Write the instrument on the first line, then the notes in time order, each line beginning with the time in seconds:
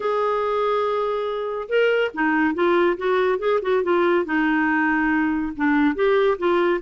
clarinet
0.00 G#4
1.68 A#4
2.14 D#4
2.54 F4
2.97 F#4
3.38 G#4
3.62 F#4
3.83 F4
4.25 D#4
5.56 D4
5.95 G4
6.38 F4